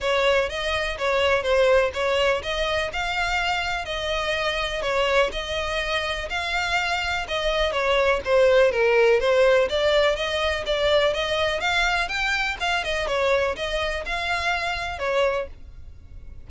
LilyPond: \new Staff \with { instrumentName = "violin" } { \time 4/4 \tempo 4 = 124 cis''4 dis''4 cis''4 c''4 | cis''4 dis''4 f''2 | dis''2 cis''4 dis''4~ | dis''4 f''2 dis''4 |
cis''4 c''4 ais'4 c''4 | d''4 dis''4 d''4 dis''4 | f''4 g''4 f''8 dis''8 cis''4 | dis''4 f''2 cis''4 | }